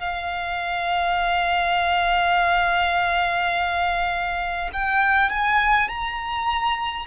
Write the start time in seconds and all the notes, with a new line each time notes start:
0.00 F5
4.73 G5
5.30 G#5
5.89 A#5